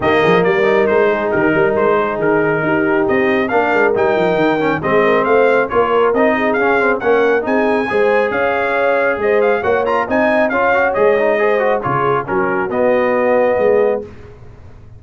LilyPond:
<<
  \new Staff \with { instrumentName = "trumpet" } { \time 4/4 \tempo 4 = 137 dis''4 d''4 c''4 ais'4 | c''4 ais'2 dis''4 | f''4 g''2 dis''4 | f''4 cis''4 dis''4 f''4 |
fis''4 gis''2 f''4~ | f''4 dis''8 f''8 fis''8 ais''8 gis''4 | f''4 dis''2 cis''4 | ais'4 dis''2. | }
  \new Staff \with { instrumentName = "horn" } { \time 4/4 g'8 gis'8 ais'4. gis'8 g'8 ais'8~ | ais'8 gis'4. g'2 | ais'2. gis'8 ais'8 | c''4 ais'4. gis'4. |
ais'4 gis'4 c''4 cis''4~ | cis''4 c''4 cis''4 dis''4 | cis''2 c''4 gis'4 | fis'2. gis'4 | }
  \new Staff \with { instrumentName = "trombone" } { \time 4/4 ais4. dis'2~ dis'8~ | dis'1 | d'4 dis'4. cis'8 c'4~ | c'4 f'4 dis'4 cis'8 c'8 |
cis'4 dis'4 gis'2~ | gis'2 fis'8 f'8 dis'4 | f'8 fis'8 gis'8 dis'8 gis'8 fis'8 f'4 | cis'4 b2. | }
  \new Staff \with { instrumentName = "tuba" } { \time 4/4 dis8 f8 g4 gis4 dis8 g8 | gis4 dis4 dis'4 c'4 | ais8 gis8 g8 f8 dis4 gis4 | a4 ais4 c'4 cis'4 |
ais4 c'4 gis4 cis'4~ | cis'4 gis4 ais4 c'4 | cis'4 gis2 cis4 | fis4 b2 gis4 | }
>>